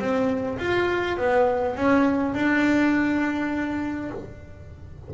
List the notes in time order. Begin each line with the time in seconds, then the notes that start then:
0.00 C4
0.59 F4
1.18 B3
1.76 C#4
2.34 D4